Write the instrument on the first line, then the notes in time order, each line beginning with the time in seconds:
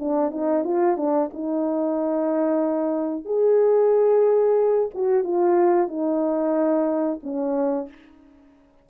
horn
0.00 D4
0.31 D#4
0.64 F4
0.97 D4
1.34 D#4
3.25 G#4
4.95 F#4
5.24 F4
5.88 D#4
7.23 C#4